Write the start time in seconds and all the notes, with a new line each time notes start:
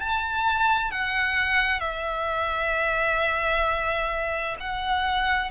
0.00 A5
0.91 F#5
1.80 E5
4.60 F#5